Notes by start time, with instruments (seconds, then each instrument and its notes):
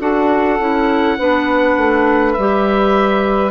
0.00 bassoon D4, clarinet F#4, saxophone A4, oboe F#5
0.59 bassoon C#4, clarinet E4
1.18 bassoon B3, clarinet D4, saxophone B4
1.77 bassoon A3
2.34 bassoon G3, oboe E5
2.40 clarinet G4